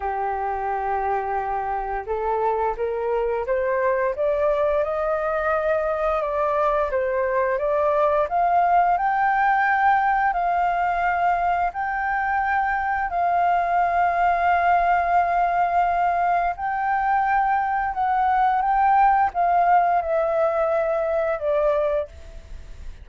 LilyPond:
\new Staff \with { instrumentName = "flute" } { \time 4/4 \tempo 4 = 87 g'2. a'4 | ais'4 c''4 d''4 dis''4~ | dis''4 d''4 c''4 d''4 | f''4 g''2 f''4~ |
f''4 g''2 f''4~ | f''1 | g''2 fis''4 g''4 | f''4 e''2 d''4 | }